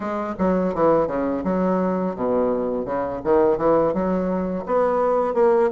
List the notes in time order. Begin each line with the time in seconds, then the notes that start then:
0.00 G#3
0.38 F#3
0.74 E3
1.07 C#3
1.44 F#3
2.15 B2
2.85 C#3
3.24 D#3
3.57 E3
3.93 F#3
4.66 B3
5.34 A#3